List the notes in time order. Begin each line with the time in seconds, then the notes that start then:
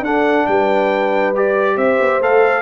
0.00 D4 A4 F#5
0.46 G3 B4 G5
1.35 G4 D5
1.76 C4 C5 E5
2.00 B3
2.20 A3 A4 F5